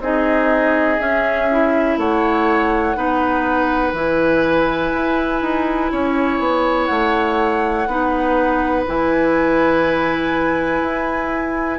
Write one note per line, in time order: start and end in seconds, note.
0.00 0.98 C4
0.00 0.99 D#4
0.00 1.99 G#4
0.00 1.00 D#5
0.99 1.48 C#4
0.99 1.98 C#4
0.99 1.98 E5
1.51 2.95 E4
1.98 2.96 A3
1.98 2.97 C#5
1.98 3.92 F#5
2.95 3.93 B3
2.95 3.93 D#4
2.95 5.92 B4
3.92 4.91 E3
3.92 7.87 E4
3.92 6.86 G#5
4.93 5.42 E4
5.42 5.91 D#4
5.92 6.39 C#4
5.92 7.89 C#5
6.39 6.89 B3
6.86 7.87 A3
6.86 8.83 F#5
7.87 8.85 B3
7.87 8.86 D#4
7.87 11.79 B4
8.86 10.82 E3
8.86 11.79 E4
8.86 11.79 G#5
10.82 11.79 E4